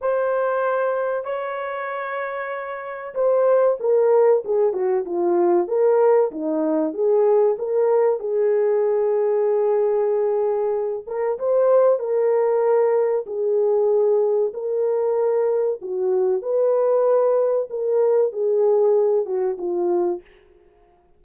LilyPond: \new Staff \with { instrumentName = "horn" } { \time 4/4 \tempo 4 = 95 c''2 cis''2~ | cis''4 c''4 ais'4 gis'8 fis'8 | f'4 ais'4 dis'4 gis'4 | ais'4 gis'2.~ |
gis'4. ais'8 c''4 ais'4~ | ais'4 gis'2 ais'4~ | ais'4 fis'4 b'2 | ais'4 gis'4. fis'8 f'4 | }